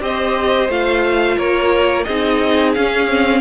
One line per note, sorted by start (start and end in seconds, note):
0.00 0.68 C4
0.00 0.68 G4
0.00 1.37 C5
0.00 0.70 D#5
0.68 1.37 A3
0.68 2.06 F4
0.68 1.38 F5
1.37 2.06 A#3
1.37 2.05 A#4
1.37 2.04 C#5
2.04 2.76 C4
2.04 2.77 D#4
2.04 3.40 G#4
2.04 2.72 D#5
2.74 3.40 C#4
2.74 3.08 C#4
2.74 3.40 F5
3.08 3.40 C4